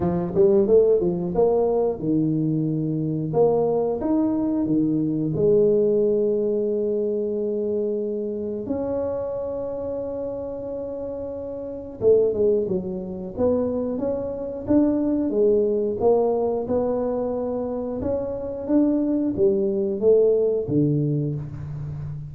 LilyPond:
\new Staff \with { instrumentName = "tuba" } { \time 4/4 \tempo 4 = 90 f8 g8 a8 f8 ais4 dis4~ | dis4 ais4 dis'4 dis4 | gis1~ | gis4 cis'2.~ |
cis'2 a8 gis8 fis4 | b4 cis'4 d'4 gis4 | ais4 b2 cis'4 | d'4 g4 a4 d4 | }